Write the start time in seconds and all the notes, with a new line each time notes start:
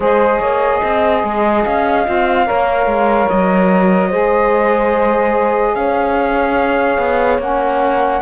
0.00 G#3 G#4 C5 D#5
0.39 A#3 C#5
0.83 C4 D#5
1.23 G#3
1.64 C#4 F5
2.05 C4 F4
2.45 A#3 A#4 C#5
2.86 G#3
3.28 F#3 D#5
4.08 G#3 G#4 C5
5.75 C#4 C#5 F5
6.97 B3
7.38 A#3 C#4 F#5